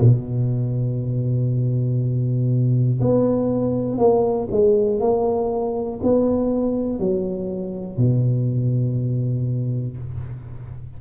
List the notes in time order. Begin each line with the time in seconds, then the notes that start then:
0.00 B2
3.00 B3
3.98 A#3
4.50 G#3
5.00 A#3
6.03 B3
6.99 F#3
7.97 B2